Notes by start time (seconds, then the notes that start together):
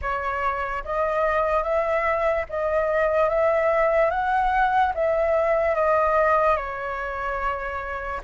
0.01 C#5
0.84 D#5
1.63 E5
2.49 D#5
3.29 E5
4.10 F#5
4.94 E5
5.75 D#5
6.56 C#5